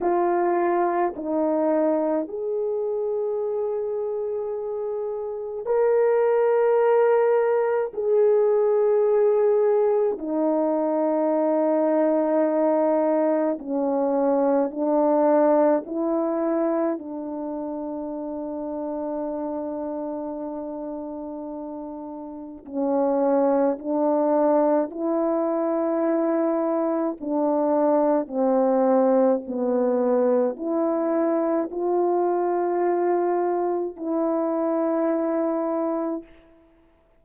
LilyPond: \new Staff \with { instrumentName = "horn" } { \time 4/4 \tempo 4 = 53 f'4 dis'4 gis'2~ | gis'4 ais'2 gis'4~ | gis'4 dis'2. | cis'4 d'4 e'4 d'4~ |
d'1 | cis'4 d'4 e'2 | d'4 c'4 b4 e'4 | f'2 e'2 | }